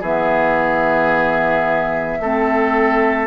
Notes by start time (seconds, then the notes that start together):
0.00 E3 B3 G#4 E5
2.20 A3 C4 A4